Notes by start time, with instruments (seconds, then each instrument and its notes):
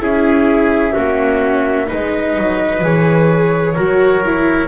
0.00 double bass C#4, viola E4, trumpet G#4, flute E5
0.93 double bass A#3, viola C#4, trumpet F#4
1.86 double bass G#3, viola D#4, trumpet B4, flute D#5
2.38 double bass F#3
2.81 double bass E3, viola G#4, flute C#5
3.76 double bass F#3, viola F#4, trumpet A#4
4.25 viola E4